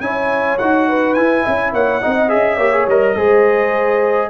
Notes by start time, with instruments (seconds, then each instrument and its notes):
0.00 tuba C#4, trombone E4, horn C#5, trumpet G#5
0.58 tuba D#4, trombone F#4, trumpet F#5
0.88 horn B4
1.14 tuba E4, trombone E4, trumpet G#5
1.44 tuba C#4, horn E5
1.73 tuba A#3, horn C#5, trumpet F#5
2.02 tuba C4, trombone D#4, horn D#5
2.28 tuba C#4, trombone G#4, trumpet E5
2.57 tuba A#3, trombone G4, horn C#5
2.73 trombone G#4
2.87 tuba G3, trombone A#4, trumpet D#5
3.16 tuba G#3, trombone G#4, horn C5